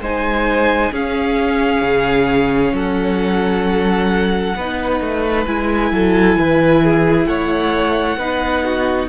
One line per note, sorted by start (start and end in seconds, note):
0.00 0.91 G#3
0.00 0.93 D#4
0.00 0.91 C5
0.00 0.94 G#5
0.91 1.81 C#4
0.91 4.57 C#4
0.91 2.73 G#4
0.91 2.76 F5
1.81 2.72 C#3
2.72 4.54 F#3
2.72 4.56 A4
2.72 5.46 F#5
4.55 5.00 B3
4.55 5.47 D#4
4.55 5.93 B4
5.00 5.46 A3
5.46 5.91 G#3
5.46 8.19 E4
5.46 7.26 G#5
5.91 6.36 F#3
5.91 6.39 A4
6.36 7.26 E3
6.36 6.84 B4
6.84 7.28 G#4
7.26 8.16 A3
7.26 8.18 C#5
7.26 9.08 F#5
8.16 9.07 B3
8.16 9.09 D#4
8.16 8.64 B4
8.65 9.09 F#4